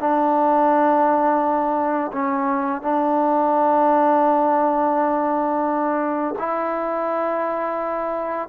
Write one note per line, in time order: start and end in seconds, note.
0.00 2.12 D4
2.13 2.82 C#4
2.82 6.35 D4
6.39 8.49 E4